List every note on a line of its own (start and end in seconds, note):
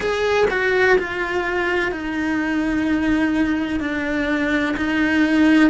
0.00 0.46 G#4
0.50 0.98 F#4
0.98 1.91 F4
1.91 3.80 D#4
3.80 4.75 D4
4.77 5.70 D#4